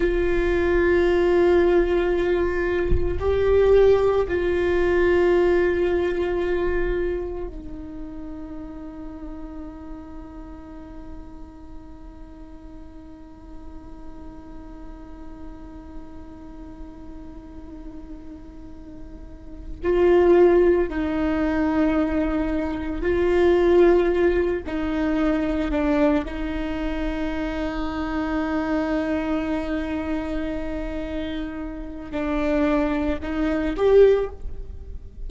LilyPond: \new Staff \with { instrumentName = "viola" } { \time 4/4 \tempo 4 = 56 f'2. g'4 | f'2. dis'4~ | dis'1~ | dis'1~ |
dis'2~ dis'8 f'4 dis'8~ | dis'4. f'4. dis'4 | d'8 dis'2.~ dis'8~ | dis'2 d'4 dis'8 g'8 | }